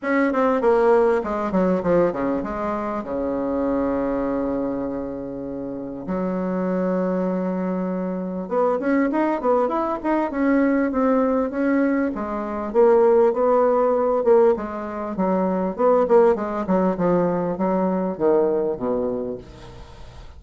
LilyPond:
\new Staff \with { instrumentName = "bassoon" } { \time 4/4 \tempo 4 = 99 cis'8 c'8 ais4 gis8 fis8 f8 cis8 | gis4 cis2.~ | cis2 fis2~ | fis2 b8 cis'8 dis'8 b8 |
e'8 dis'8 cis'4 c'4 cis'4 | gis4 ais4 b4. ais8 | gis4 fis4 b8 ais8 gis8 fis8 | f4 fis4 dis4 b,4 | }